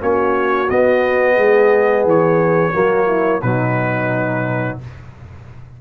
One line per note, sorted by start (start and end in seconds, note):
0.00 0.70 A#3
0.00 0.68 C#4
0.00 1.35 F#4
0.00 0.70 C#5
0.70 1.38 B3
0.70 2.73 B3
0.70 2.06 D#5
1.35 2.05 G#3
1.35 2.72 G#4
2.05 2.73 E3
2.05 3.42 C#5
2.73 3.43 F#3
2.73 3.41 A#3
2.73 3.07 F#4
3.07 3.41 E4
3.42 4.79 B2
3.42 4.81 F#3
3.42 4.80 D#4
3.42 4.78 B4